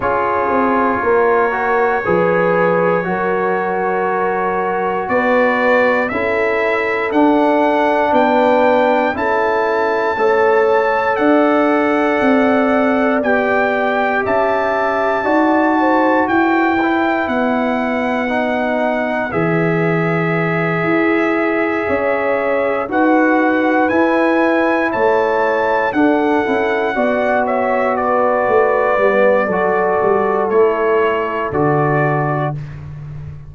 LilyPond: <<
  \new Staff \with { instrumentName = "trumpet" } { \time 4/4 \tempo 4 = 59 cis''1~ | cis''4 d''4 e''4 fis''4 | g''4 a''2 fis''4~ | fis''4 g''4 a''2 |
g''4 fis''2 e''4~ | e''2~ e''8 fis''4 gis''8~ | gis''8 a''4 fis''4. e''8 d''8~ | d''2 cis''4 d''4 | }
  \new Staff \with { instrumentName = "horn" } { \time 4/4 gis'4 ais'4 b'4 ais'4~ | ais'4 b'4 a'2 | b'4 a'4 cis''4 d''4~ | d''2 e''4 d''8 c''8 |
b'1~ | b'4. cis''4 b'4.~ | b'8 cis''4 a'4 d''8 cis''8 b'8~ | b'4 a'2. | }
  \new Staff \with { instrumentName = "trombone" } { \time 4/4 f'4. fis'8 gis'4 fis'4~ | fis'2 e'4 d'4~ | d'4 e'4 a'2~ | a'4 g'2 fis'4~ |
fis'8 e'4. dis'4 gis'4~ | gis'2~ gis'8 fis'4 e'8~ | e'4. d'8 e'8 fis'4.~ | fis'8 b8 fis'4 e'4 fis'4 | }
  \new Staff \with { instrumentName = "tuba" } { \time 4/4 cis'8 c'8 ais4 f4 fis4~ | fis4 b4 cis'4 d'4 | b4 cis'4 a4 d'4 | c'4 b4 cis'4 dis'4 |
e'4 b2 e4~ | e8 e'4 cis'4 dis'4 e'8~ | e'8 a4 d'8 cis'8 b4. | a8 g8 fis8 g8 a4 d4 | }
>>